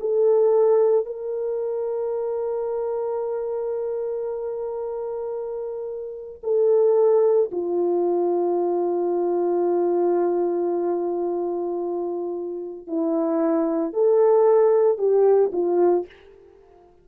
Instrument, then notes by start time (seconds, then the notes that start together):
horn
0.00 A4
1.06 A#4
6.43 A4
7.52 F4
12.87 E4
13.93 A4
14.98 G4
15.53 F4